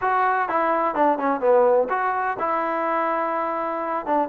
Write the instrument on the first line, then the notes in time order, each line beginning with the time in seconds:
trombone
0.01 F#4
0.48 E4
0.94 D4
1.18 C#4
1.40 B3
1.89 F#4
2.39 E4
4.06 D4